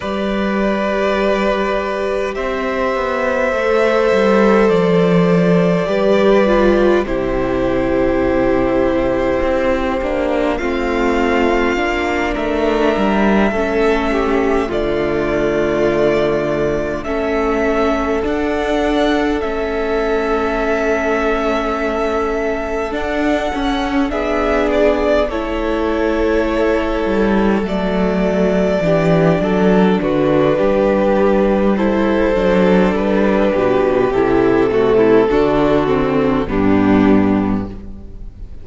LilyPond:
<<
  \new Staff \with { instrumentName = "violin" } { \time 4/4 \tempo 4 = 51 d''2 e''2 | d''2 c''2~ | c''4 f''4. e''4.~ | e''8 d''2 e''4 fis''8~ |
fis''8 e''2. fis''8~ | fis''8 e''8 d''8 cis''2 d''8~ | d''4. b'4. c''4 | b'4 a'2 g'4 | }
  \new Staff \with { instrumentName = "violin" } { \time 4/4 b'2 c''2~ | c''4 b'4 g'2~ | g'4 f'4. ais'4 a'8 | g'8 f'2 a'4.~ |
a'1~ | a'8 gis'4 a'2~ a'8~ | a'8 g'8 a'8 fis'8 g'4 a'4~ | a'8 g'4 fis'16 e'16 fis'4 d'4 | }
  \new Staff \with { instrumentName = "viola" } { \time 4/4 g'2. a'4~ | a'4 g'8 f'8 e'2~ | e'8 d'8 c'4 d'4. cis'8~ | cis'8 a2 cis'4 d'8~ |
d'8 cis'2. d'8 | cis'8 d'4 e'2 a8~ | a8 d'2~ d'8 e'8 d'8~ | d'4 e'8 a8 d'8 c'8 b4 | }
  \new Staff \with { instrumentName = "cello" } { \time 4/4 g2 c'8 b8 a8 g8 | f4 g4 c2 | c'8 ais8 a4 ais8 a8 g8 a8~ | a8 d2 a4 d'8~ |
d'8 a2. d'8 | cis'8 b4 a4. g8 fis8~ | fis8 e8 fis8 d8 g4. fis8 | g8 b,8 c4 d4 g,4 | }
>>